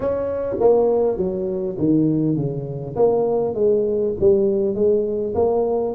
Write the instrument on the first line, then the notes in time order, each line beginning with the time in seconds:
tuba
0.00 C#4
0.60 A#3
1.17 F#3
1.78 D#3
2.36 C#3
2.96 A#3
3.54 G#3
4.19 G3
4.74 G#3
5.35 A#3